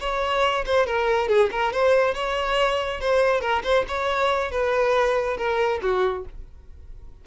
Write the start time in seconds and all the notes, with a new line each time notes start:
0.00 C#5
0.66 C5
0.87 A#4
1.29 G#4
1.51 A#4
1.73 C5
2.15 C#5
3.01 C5
3.41 A#4
3.64 C5
3.88 C#5
4.51 B4
5.38 A#4
5.82 F#4